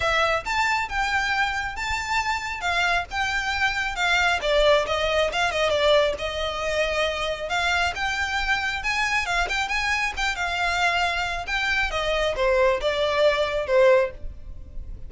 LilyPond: \new Staff \with { instrumentName = "violin" } { \time 4/4 \tempo 4 = 136 e''4 a''4 g''2 | a''2 f''4 g''4~ | g''4 f''4 d''4 dis''4 | f''8 dis''8 d''4 dis''2~ |
dis''4 f''4 g''2 | gis''4 f''8 g''8 gis''4 g''8 f''8~ | f''2 g''4 dis''4 | c''4 d''2 c''4 | }